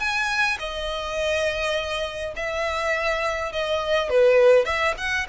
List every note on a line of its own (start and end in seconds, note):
0.00 0.58 G#5
0.60 2.35 D#5
2.36 3.53 E5
3.53 4.10 D#5
4.10 4.66 B4
4.66 4.95 E5
4.98 5.27 F#5